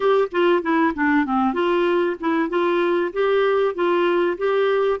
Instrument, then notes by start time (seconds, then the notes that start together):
clarinet
0.00 G4
0.31 F4
0.62 E4
0.94 D4
1.25 C4
1.53 F4
2.19 E4
2.49 F4
3.12 G4
3.74 F4
4.37 G4